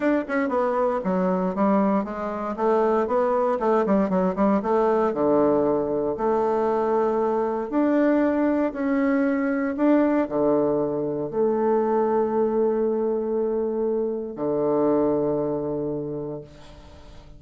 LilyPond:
\new Staff \with { instrumentName = "bassoon" } { \time 4/4 \tempo 4 = 117 d'8 cis'8 b4 fis4 g4 | gis4 a4 b4 a8 g8 | fis8 g8 a4 d2 | a2. d'4~ |
d'4 cis'2 d'4 | d2 a2~ | a1 | d1 | }